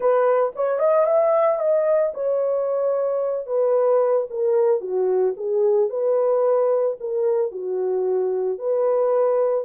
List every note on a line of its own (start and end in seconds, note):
0.00 0.52 B4
0.55 0.79 C#5
0.79 1.05 D#5
1.06 1.59 E5
1.59 2.12 D#5
2.14 3.46 C#5
3.46 4.26 B4
4.30 4.80 A#4
4.80 5.34 F#4
5.36 5.89 G#4
5.89 6.96 B4
6.99 7.51 A#4
7.51 8.58 F#4
8.58 9.64 B4